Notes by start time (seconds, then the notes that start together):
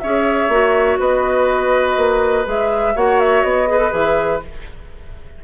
0.00 C#4 G#4 C#5 E5
0.49 A#3 F#4
1.00 B3 B4 D#5
1.97 A#3
2.46 G#3 G#4 E5
2.96 A#3 F#4 C#5 F#5
3.20 E5
3.44 B3 D#5
3.68 G#4 B4
3.79 A4
3.91 E3 G#4 E5